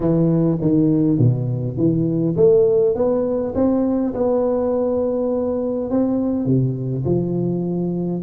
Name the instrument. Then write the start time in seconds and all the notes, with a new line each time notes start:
tuba
0.00 E3
0.61 D#3
1.18 B2
1.77 E3
2.36 A3
2.95 B3
3.55 C4
4.13 B3
5.90 C4
6.45 C3
7.05 F3